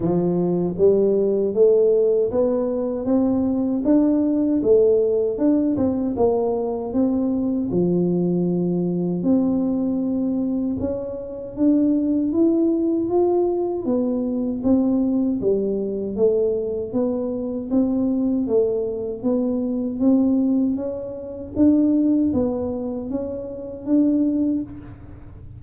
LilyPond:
\new Staff \with { instrumentName = "tuba" } { \time 4/4 \tempo 4 = 78 f4 g4 a4 b4 | c'4 d'4 a4 d'8 c'8 | ais4 c'4 f2 | c'2 cis'4 d'4 |
e'4 f'4 b4 c'4 | g4 a4 b4 c'4 | a4 b4 c'4 cis'4 | d'4 b4 cis'4 d'4 | }